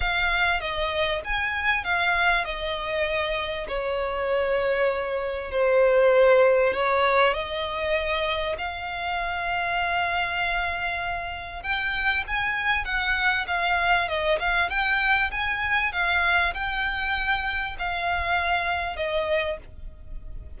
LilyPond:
\new Staff \with { instrumentName = "violin" } { \time 4/4 \tempo 4 = 98 f''4 dis''4 gis''4 f''4 | dis''2 cis''2~ | cis''4 c''2 cis''4 | dis''2 f''2~ |
f''2. g''4 | gis''4 fis''4 f''4 dis''8 f''8 | g''4 gis''4 f''4 g''4~ | g''4 f''2 dis''4 | }